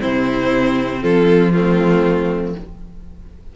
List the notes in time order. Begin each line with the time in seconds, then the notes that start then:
0.00 C3 C4 E4 C5
1.03 F3 F4 A4
1.52 A3 C4 F4